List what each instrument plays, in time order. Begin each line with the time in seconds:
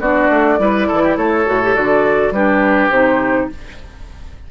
0.00 bassoon B3, clarinet D4, oboe F#4, flute D5
0.30 bassoon A3
0.59 bassoon G3, clarinet E4, oboe B4
0.88 bassoon E3, oboe A4
1.03 oboe G4
1.17 bassoon A3, oboe A4, flute C#5
1.46 bassoon A2, clarinet F#4
1.63 clarinet G4
1.75 bassoon D3, clarinet F#4, flute D5
2.31 bassoon G3, clarinet D4, oboe G4, flute B4
2.90 bassoon C3, clarinet D#4, flute C5